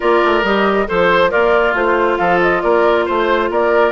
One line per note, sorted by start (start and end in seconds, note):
0.00 0.23 A#3
0.00 0.43 F4
0.00 0.87 A#4
0.00 0.44 D5
0.24 0.43 A3
0.43 0.86 G3
0.43 0.86 G4
0.43 0.88 D#5
0.86 1.33 F3
0.86 1.29 A4
0.86 1.30 C5
0.86 1.31 C5
1.29 1.74 A#3
1.29 2.18 F4
1.29 1.73 A#4
1.29 1.74 D5
1.74 2.18 A3
1.74 3.92 F4
1.74 2.17 C5
2.17 2.63 F3
2.17 2.62 A4
2.17 2.39 F5
2.41 2.61 D#5
2.61 3.06 A#3
2.61 3.05 A#4
2.61 3.05 D5
3.05 3.50 A3
3.05 3.49 C5
3.05 3.50 C5
3.50 3.92 A#3
3.50 3.92 A#4
3.50 3.92 D5